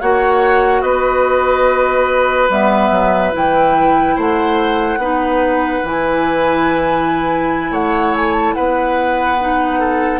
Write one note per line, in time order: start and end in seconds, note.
0.00 0.82 A#3
0.00 2.49 F#4
0.00 0.82 C#5
0.00 0.81 F#5
0.81 2.48 B3
0.81 4.15 B4
0.81 2.48 D#5
2.49 2.90 G3
2.49 3.32 B3
2.49 3.34 E5
2.91 3.32 F#3
3.32 4.17 E3
3.32 4.98 E4
3.32 4.20 G5
4.15 4.97 A3
4.15 4.99 C5
4.15 5.86 F#5
4.97 5.80 B3
4.97 5.84 D#4
4.97 7.71 B4
5.83 7.70 E3
5.83 9.38 E4
5.83 7.73 G#5
7.70 8.54 A3
7.70 8.54 C#5
7.70 8.15 F#5
8.16 8.33 G#5
8.33 8.54 A5
8.54 10.19 B3
8.54 9.79 B4
8.54 10.19 F#5
9.39 10.19 D#4
9.79 10.19 A4